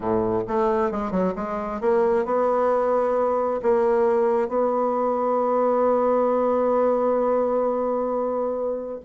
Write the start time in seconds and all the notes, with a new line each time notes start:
0.00 A2
0.47 A3
0.91 G#3
1.11 F#3
1.35 G#3
1.80 A#3
2.25 B3
3.62 A#3
4.48 B3